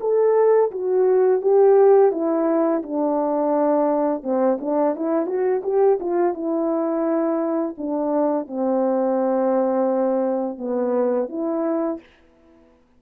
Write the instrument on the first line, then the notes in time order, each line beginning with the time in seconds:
horn
0.00 A4
0.71 F#4
1.41 G4
2.11 E4
2.82 D4
4.23 C4
4.60 D4
4.95 E4
5.26 F#4
5.63 G4
6.00 F4
6.34 E4
7.77 D4
8.47 C4
10.58 B3
11.29 E4